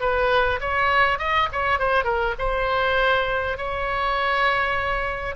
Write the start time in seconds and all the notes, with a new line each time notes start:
0.00 B4
0.60 C#5
1.18 D#5
1.52 C#5
1.78 C5
2.04 A#4
2.38 C5
3.57 C#5